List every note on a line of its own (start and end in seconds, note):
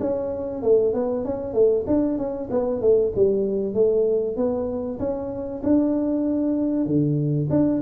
0.00 0.62 C#4
0.62 0.94 A3
0.94 1.25 B3
1.25 1.53 C#4
1.53 1.85 A3
1.87 2.18 D4
2.18 2.49 C#4
2.51 2.81 B3
2.81 3.12 A3
3.16 3.74 G3
3.74 4.36 A3
4.36 4.99 B3
4.99 5.62 C#4
5.63 6.86 D4
6.86 7.49 D3
7.50 7.82 D4